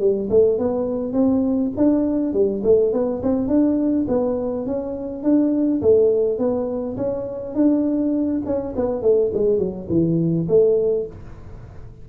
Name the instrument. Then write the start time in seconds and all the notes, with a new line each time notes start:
tuba
0.00 G3
0.30 A3
0.59 B3
1.13 C4
1.77 D4
2.34 G3
2.64 A3
2.93 B3
3.23 C4
3.48 D4
4.09 B3
4.67 C#4
5.23 D4
5.82 A3
6.39 B3
6.97 C#4
7.55 D4
8.46 C#4
8.76 B3
9.02 A3
9.34 G#3
9.59 F#3
9.89 E3
10.49 A3